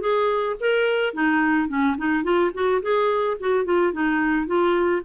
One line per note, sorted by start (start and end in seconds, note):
0.00 0.56 G#4
0.60 1.13 A#4
1.13 1.68 D#4
1.68 1.96 C#4
1.97 2.23 D#4
2.23 2.51 F4
2.54 2.81 F#4
2.82 3.37 G#4
3.39 3.65 F#4
3.65 3.92 F4
3.92 4.46 D#4
4.46 5.02 F4